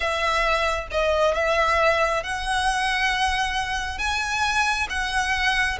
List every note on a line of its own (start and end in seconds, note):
0.00 0.87 E5
0.91 1.34 D#5
1.34 2.23 E5
2.23 3.98 F#5
3.98 4.87 G#5
4.89 5.78 F#5